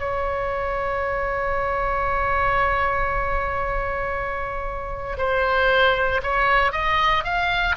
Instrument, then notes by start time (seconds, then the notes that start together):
oboe
0.00 C#5
5.18 C5
6.23 C#5
6.72 D#5
7.25 F5